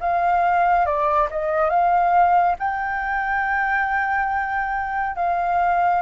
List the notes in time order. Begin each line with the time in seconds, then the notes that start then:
0.00 F5
0.85 D5
1.31 D#5
1.69 F5
2.59 G5
5.16 F5